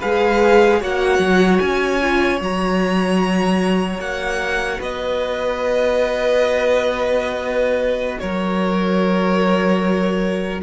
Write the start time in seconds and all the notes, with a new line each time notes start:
0.00 G#3 G#4 B4 F5
0.81 A#3 F#4 C#5 F#5
1.19 F#3
1.59 C#4 G#5
2.02 F4
2.39 F#3 F#4 A#5
3.99 A#3 F#5
4.79 B3 B4 D#5
8.20 F#3 A#4 C#5